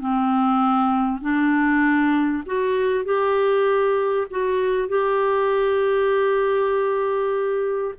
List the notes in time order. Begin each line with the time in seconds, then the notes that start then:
0.00 C4
1.21 D4
2.46 F#4
3.04 G4
4.30 F#4
4.88 G4